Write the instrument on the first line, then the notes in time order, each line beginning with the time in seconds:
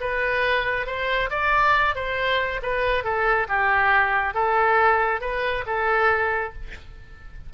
oboe
0.00 B4
0.86 C5
1.30 D5
1.95 C5
2.62 B4
3.04 A4
3.48 G4
4.34 A4
5.21 B4
5.66 A4